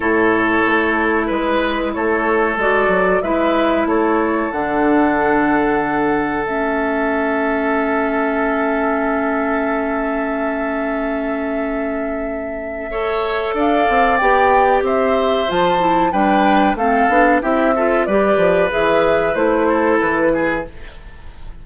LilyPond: <<
  \new Staff \with { instrumentName = "flute" } { \time 4/4 \tempo 4 = 93 cis''2 b'4 cis''4 | d''4 e''4 cis''4 fis''4~ | fis''2 e''2~ | e''1~ |
e''1~ | e''4 f''4 g''4 e''4 | a''4 g''4 f''4 e''4 | d''4 e''4 c''4 b'4 | }
  \new Staff \with { instrumentName = "oboe" } { \time 4/4 a'2 b'4 a'4~ | a'4 b'4 a'2~ | a'1~ | a'1~ |
a'1 | cis''4 d''2 c''4~ | c''4 b'4 a'4 g'8 a'8 | b'2~ b'8 a'4 gis'8 | }
  \new Staff \with { instrumentName = "clarinet" } { \time 4/4 e'1 | fis'4 e'2 d'4~ | d'2 cis'2~ | cis'1~ |
cis'1 | a'2 g'2 | f'8 e'8 d'4 c'8 d'8 e'8 f'8 | g'4 gis'4 e'2 | }
  \new Staff \with { instrumentName = "bassoon" } { \time 4/4 a,4 a4 gis4 a4 | gis8 fis8 gis4 a4 d4~ | d2 a2~ | a1~ |
a1~ | a4 d'8 c'8 b4 c'4 | f4 g4 a8 b8 c'4 | g8 f8 e4 a4 e4 | }
>>